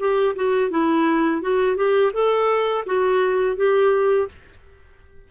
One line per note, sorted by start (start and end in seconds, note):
0.00 0.36 G4
0.36 0.71 F#4
0.71 1.42 E4
1.42 1.77 F#4
1.77 2.12 G4
2.14 2.85 A4
2.86 3.57 F#4
3.57 4.28 G4